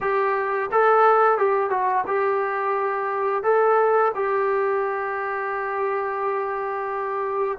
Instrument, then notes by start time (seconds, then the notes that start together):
trombone
0.01 G4
0.71 A4
1.38 G4
1.70 F#4
2.06 G4
3.43 A4
4.14 G4